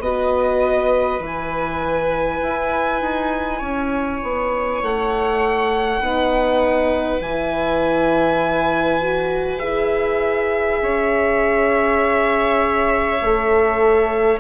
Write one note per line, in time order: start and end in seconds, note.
0.00 1.20 B3
0.00 1.23 F#4
0.00 3.59 B4
0.00 1.22 D#5
1.20 2.40 E3
1.20 6.01 E4
1.26 4.83 G#5
2.43 3.01 E4
3.01 3.61 D#4
3.59 4.21 C#4
3.59 5.99 C#5
4.23 4.83 B3
4.83 6.01 A3
4.83 7.22 F#5
6.01 7.20 B3
6.01 7.21 D#4
6.01 10.81 B4
7.20 9.60 E3
7.20 9.01 E4
7.20 9.59 G#5
9.01 9.59 F#4
9.59 10.82 E4
9.59 13.19 G#4
9.59 14.39 E5
10.82 13.21 C#4
10.82 14.40 C#5
13.21 14.40 A3
13.21 14.40 A4